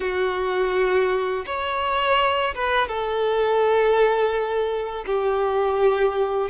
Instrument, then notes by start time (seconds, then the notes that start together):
violin
0.00 F#4
1.46 C#5
2.55 B4
2.88 A4
5.06 G4